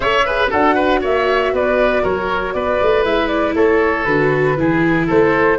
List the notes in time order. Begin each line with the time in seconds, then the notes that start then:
0.00 C#4 A4 C#5 E5
0.25 G#4 B4
0.50 D4 F#4 A4 F#5
0.74 B4
1.01 A#3 C#5 E5
1.52 B3 B4 D5
2.02 F#3 A#4 C#5
2.53 B3 B4 D5
2.81 A3
3.04 G#3 E4 E5
3.27 D5
3.55 A3 A4 C#5
4.04 D3 F#4 B4
4.57 E3 E4 G#4
5.06 A3 A4 C5